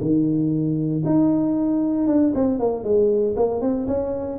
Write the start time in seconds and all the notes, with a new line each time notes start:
0.00 D#3
1.05 D#4
2.07 D4
2.34 C4
2.59 A#3
2.83 G#3
3.36 A#3
3.61 C4
3.87 C#4